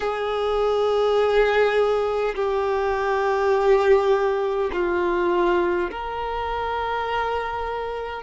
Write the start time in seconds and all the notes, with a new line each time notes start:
0.00 G#4
2.35 G4
4.73 F4
5.90 A#4